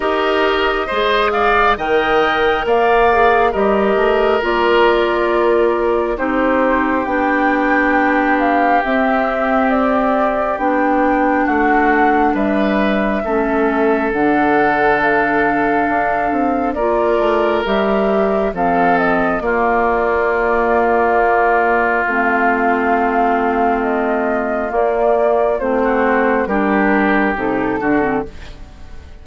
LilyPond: <<
  \new Staff \with { instrumentName = "flute" } { \time 4/4 \tempo 4 = 68 dis''4. f''8 g''4 f''4 | dis''4 d''2 c''4 | g''4. f''8 e''4 d''4 | g''4 fis''4 e''2 |
fis''4 f''2 d''4 | e''4 f''8 dis''8 d''2~ | d''4 f''2 dis''4 | d''4 c''4 ais'4 a'4 | }
  \new Staff \with { instrumentName = "oboe" } { \time 4/4 ais'4 c''8 d''8 dis''4 d''4 | ais'2. g'4~ | g'1~ | g'4 fis'4 b'4 a'4~ |
a'2. ais'4~ | ais'4 a'4 f'2~ | f'1~ | f'4~ f'16 fis'8. g'4. fis'8 | }
  \new Staff \with { instrumentName = "clarinet" } { \time 4/4 g'4 gis'4 ais'4. gis'8 | g'4 f'2 dis'4 | d'2 c'2 | d'2. cis'4 |
d'2. f'4 | g'4 c'4 ais2~ | ais4 c'2. | ais4 c'4 d'4 dis'8 d'16 c'16 | }
  \new Staff \with { instrumentName = "bassoon" } { \time 4/4 dis'4 gis4 dis4 ais4 | g8 a8 ais2 c'4 | b2 c'2 | b4 a4 g4 a4 |
d2 d'8 c'8 ais8 a8 | g4 f4 ais2~ | ais4 a2. | ais4 a4 g4 c8 d8 | }
>>